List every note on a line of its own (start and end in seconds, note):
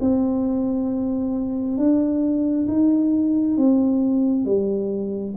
0.00 1.77 C4
1.77 2.67 D4
2.67 3.57 D#4
3.57 4.45 C4
4.45 5.35 G3